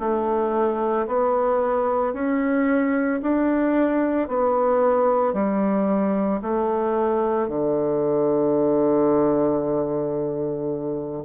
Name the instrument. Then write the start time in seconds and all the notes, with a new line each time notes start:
bassoon
0.00 A3
1.07 B3
2.14 C#4
3.22 D4
4.29 B3
5.34 G3
6.42 A3
7.49 D3